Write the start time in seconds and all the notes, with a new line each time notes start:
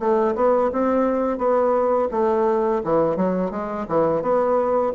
0.00 A3
0.36 B3
0.73 C4
1.38 B3
2.11 A3
2.84 E3
3.16 F#3
3.51 G#3
3.89 E3
4.22 B3